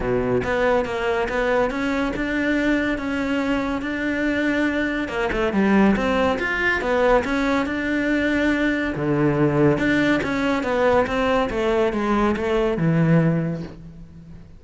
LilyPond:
\new Staff \with { instrumentName = "cello" } { \time 4/4 \tempo 4 = 141 b,4 b4 ais4 b4 | cis'4 d'2 cis'4~ | cis'4 d'2. | ais8 a8 g4 c'4 f'4 |
b4 cis'4 d'2~ | d'4 d2 d'4 | cis'4 b4 c'4 a4 | gis4 a4 e2 | }